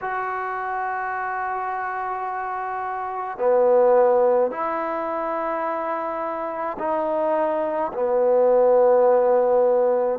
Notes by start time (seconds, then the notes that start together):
0.01 F#4
3.38 B3
4.50 E4
6.79 D#4
7.92 B3